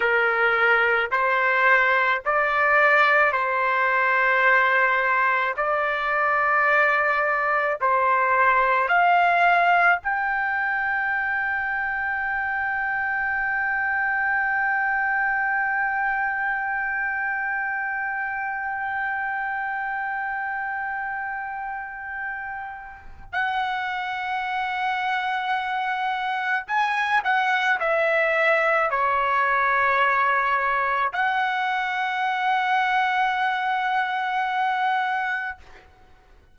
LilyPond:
\new Staff \with { instrumentName = "trumpet" } { \time 4/4 \tempo 4 = 54 ais'4 c''4 d''4 c''4~ | c''4 d''2 c''4 | f''4 g''2.~ | g''1~ |
g''1~ | g''4 fis''2. | gis''8 fis''8 e''4 cis''2 | fis''1 | }